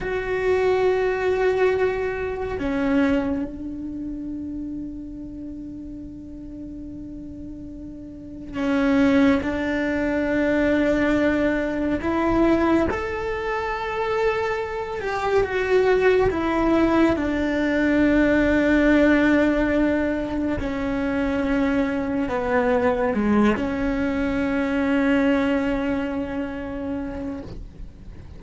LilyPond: \new Staff \with { instrumentName = "cello" } { \time 4/4 \tempo 4 = 70 fis'2. cis'4 | d'1~ | d'2 cis'4 d'4~ | d'2 e'4 a'4~ |
a'4. g'8 fis'4 e'4 | d'1 | cis'2 b4 gis8 cis'8~ | cis'1 | }